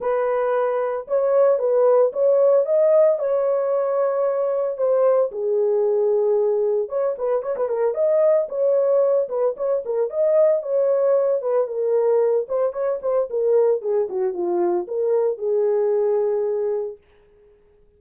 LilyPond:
\new Staff \with { instrumentName = "horn" } { \time 4/4 \tempo 4 = 113 b'2 cis''4 b'4 | cis''4 dis''4 cis''2~ | cis''4 c''4 gis'2~ | gis'4 cis''8 b'8 cis''16 b'16 ais'8 dis''4 |
cis''4. b'8 cis''8 ais'8 dis''4 | cis''4. b'8 ais'4. c''8 | cis''8 c''8 ais'4 gis'8 fis'8 f'4 | ais'4 gis'2. | }